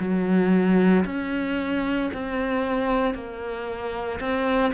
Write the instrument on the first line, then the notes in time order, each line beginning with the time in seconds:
cello
0.00 F#3
1.05 C#4
2.13 C4
3.15 A#3
4.21 C4